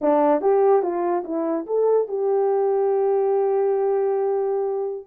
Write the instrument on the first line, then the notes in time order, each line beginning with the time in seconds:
horn
0.01 D4
0.41 G4
0.82 F4
1.24 E4
1.66 A4
2.07 G4